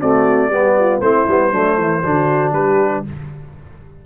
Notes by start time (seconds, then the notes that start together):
0.00 A3 C4 F#4 D5
0.49 G3 B3 G4
0.79 F4
1.00 A3 C4 E4 C5
1.28 G3 B3
1.52 F#3 A3 D4
1.77 E3 E4
2.04 D3 D4 F#4
2.53 G3 G4 B4